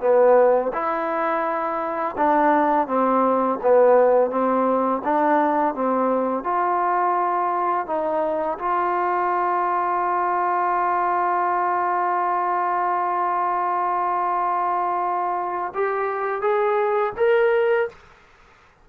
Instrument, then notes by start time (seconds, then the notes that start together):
trombone
0.00 B3
0.73 E4
2.17 D4
2.87 C4
3.62 B3
4.30 C4
5.04 D4
5.74 C4
6.44 F4
7.86 D#4
8.58 F4
15.74 G4
16.41 G#4
17.17 A#4